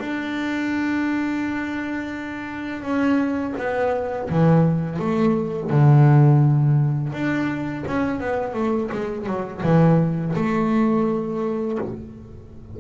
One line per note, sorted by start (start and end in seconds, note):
0.00 2.82 D4
2.82 3.54 C#4
3.58 4.30 B3
4.30 5.00 E3
5.00 5.70 A3
5.70 7.13 D3
7.13 7.85 D4
7.87 8.20 C#4
8.20 8.55 B3
8.55 8.90 A3
8.92 9.26 G#3
9.26 9.62 F#3
9.63 10.35 E3
10.36 11.79 A3